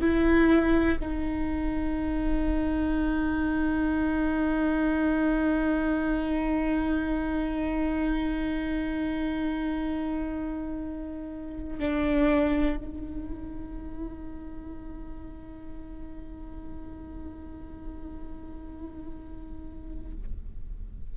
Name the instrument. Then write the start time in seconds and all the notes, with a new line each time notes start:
viola
0.00 E4
0.99 D#4
11.79 D4
12.76 D#4